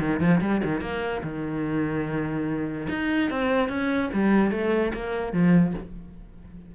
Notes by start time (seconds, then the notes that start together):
0.00 D#3
0.20 F3
0.41 G3
0.64 D#3
0.81 A#3
1.24 D#3
2.90 D#4
3.31 C4
3.69 C#4
4.14 G3
4.51 A3
4.94 A#3
5.33 F3